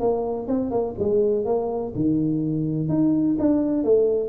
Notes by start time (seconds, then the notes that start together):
0.00 A#3
0.47 C4
0.71 A#3
0.99 G#3
1.46 A#3
1.95 D#3
2.89 D#4
3.39 D4
3.84 A3